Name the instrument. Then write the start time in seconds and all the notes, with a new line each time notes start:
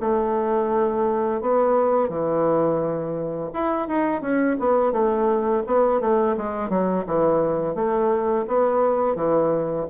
bassoon
0.00 A3
1.41 B3
2.09 E3
3.53 E4
3.88 D#4
4.21 C#4
4.59 B3
4.92 A3
5.66 B3
6.01 A3
6.37 G#3
6.69 F#3
7.06 E3
7.75 A3
8.47 B3
9.15 E3